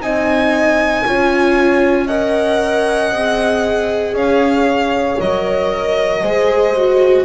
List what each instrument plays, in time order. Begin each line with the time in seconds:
0.00 double bass C4, viola D#4, horn D#5, violin G#5
1.06 double bass C#4, viola F4, horn C#5
2.07 viola A#4, horn D#5, violin F#5
3.11 double bass C4, viola G#4
4.13 double bass C#4, horn C#5, violin F5
5.20 double bass F#3, viola A#4, violin D#5
6.22 double bass G#3, viola G#4, horn C5
6.77 viola F#4